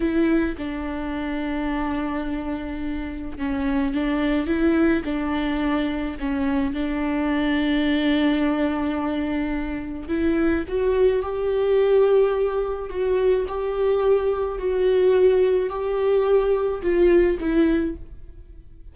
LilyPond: \new Staff \with { instrumentName = "viola" } { \time 4/4 \tempo 4 = 107 e'4 d'2.~ | d'2 cis'4 d'4 | e'4 d'2 cis'4 | d'1~ |
d'2 e'4 fis'4 | g'2. fis'4 | g'2 fis'2 | g'2 f'4 e'4 | }